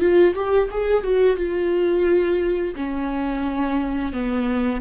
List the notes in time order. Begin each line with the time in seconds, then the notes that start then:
0.00 F4
0.34 G4
0.71 G#4
1.03 F#4
1.37 F4
2.76 C#4
4.13 B3